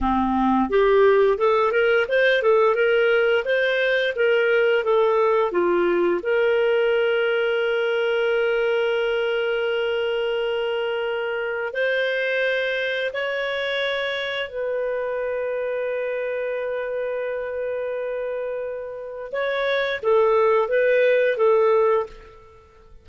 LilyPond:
\new Staff \with { instrumentName = "clarinet" } { \time 4/4 \tempo 4 = 87 c'4 g'4 a'8 ais'8 c''8 a'8 | ais'4 c''4 ais'4 a'4 | f'4 ais'2.~ | ais'1~ |
ais'4 c''2 cis''4~ | cis''4 b'2.~ | b'1 | cis''4 a'4 b'4 a'4 | }